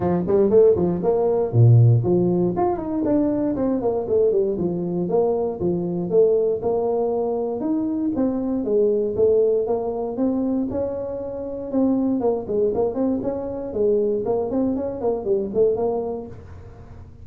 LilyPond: \new Staff \with { instrumentName = "tuba" } { \time 4/4 \tempo 4 = 118 f8 g8 a8 f8 ais4 ais,4 | f4 f'8 dis'8 d'4 c'8 ais8 | a8 g8 f4 ais4 f4 | a4 ais2 dis'4 |
c'4 gis4 a4 ais4 | c'4 cis'2 c'4 | ais8 gis8 ais8 c'8 cis'4 gis4 | ais8 c'8 cis'8 ais8 g8 a8 ais4 | }